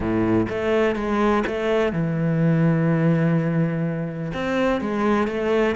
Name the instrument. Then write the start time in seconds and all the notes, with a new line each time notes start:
cello
0.00 A2
0.49 A3
0.95 G#3
1.46 A3
1.92 E3
4.33 C4
4.80 G#3
5.27 A3